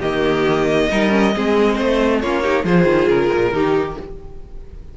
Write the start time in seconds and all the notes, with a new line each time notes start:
0.00 D#3 A#3 G4 D#5
0.90 G3 D#4 A#4
1.10 C#4
1.35 G#3 C4 G#4
1.76 A3 C5
2.21 A#3 C#4 F4 C#5
2.43 D#4 G4
2.65 F3 F4 G#4 C5
2.85 D#3
3.08 C#3 A#4
3.34 A#2
3.53 D#3 D#4 G4